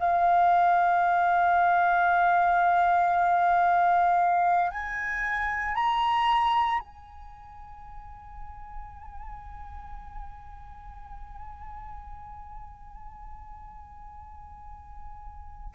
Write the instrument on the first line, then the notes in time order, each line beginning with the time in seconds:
flute
0.00 F5
4.72 G#5
5.75 A#5
6.80 G#5